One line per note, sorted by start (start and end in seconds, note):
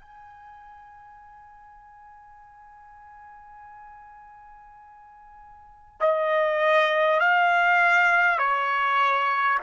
0.00 6.00 G#5
6.00 7.20 D#5
7.20 8.38 F5
8.38 9.58 C#5